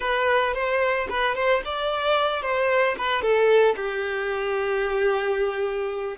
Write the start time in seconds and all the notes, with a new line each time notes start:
0.00 B4
0.54 C5
1.09 B4
1.35 C5
1.64 D5
2.42 C5
2.97 B4
3.21 A4
3.75 G4